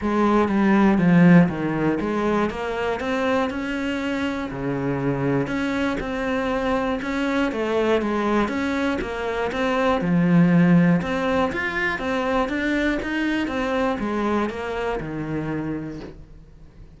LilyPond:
\new Staff \with { instrumentName = "cello" } { \time 4/4 \tempo 4 = 120 gis4 g4 f4 dis4 | gis4 ais4 c'4 cis'4~ | cis'4 cis2 cis'4 | c'2 cis'4 a4 |
gis4 cis'4 ais4 c'4 | f2 c'4 f'4 | c'4 d'4 dis'4 c'4 | gis4 ais4 dis2 | }